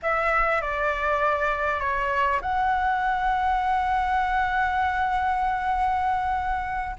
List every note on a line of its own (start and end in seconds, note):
0.02 0.61 E5
0.61 1.79 D5
1.79 2.40 C#5
2.41 6.96 F#5